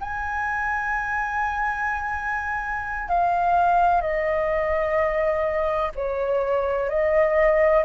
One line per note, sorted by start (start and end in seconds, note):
0.00 3.08 G#5
3.08 4.01 F5
4.01 5.91 D#5
5.95 6.89 C#5
6.89 7.84 D#5